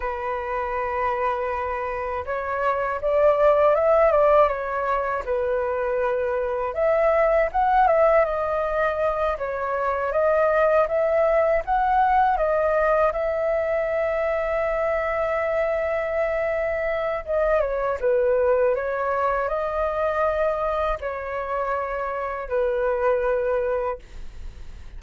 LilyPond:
\new Staff \with { instrumentName = "flute" } { \time 4/4 \tempo 4 = 80 b'2. cis''4 | d''4 e''8 d''8 cis''4 b'4~ | b'4 e''4 fis''8 e''8 dis''4~ | dis''8 cis''4 dis''4 e''4 fis''8~ |
fis''8 dis''4 e''2~ e''8~ | e''2. dis''8 cis''8 | b'4 cis''4 dis''2 | cis''2 b'2 | }